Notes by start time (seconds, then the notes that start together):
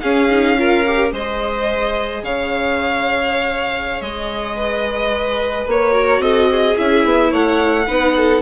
0.00 C#4 G#4 F5
0.30 D#4
0.57 F4 A#4
0.86 G4
1.12 G#3 G#4 C5 D#5
2.22 C#3 C#5 F5
4.01 G#3 D#5
4.55 B4
5.66 A#3 C#5
5.90 F#4 A#4
6.19 C4 A4 D#5
6.51 G#4
6.76 C#4 E4 E5
7.04 B3
7.30 A3 C#5 F#5
7.87 B3 D#4 B4
8.16 A4